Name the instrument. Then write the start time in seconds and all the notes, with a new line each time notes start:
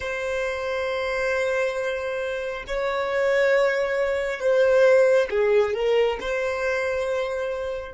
violin
0.00 C5
2.67 C#5
4.40 C5
5.30 G#4
5.74 A#4
6.20 C5